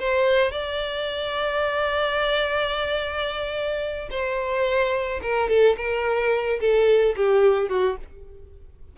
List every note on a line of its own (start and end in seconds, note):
0.00 0.52 C5
0.52 4.10 D5
4.11 5.21 C5
5.23 5.49 A#4
5.49 5.77 A4
5.78 6.60 A#4
6.61 7.16 A4
7.17 7.70 G4
7.70 7.97 F#4